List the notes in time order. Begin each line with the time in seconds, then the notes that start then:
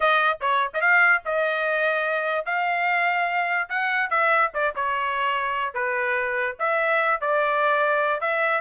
0.00 D#5
0.41 C#5
0.73 D#5
0.81 F5
1.25 D#5
2.45 F5
3.69 F#5
4.09 E5
4.54 D5
4.75 C#5
5.73 B4
6.59 E5
7.20 D5
8.20 E5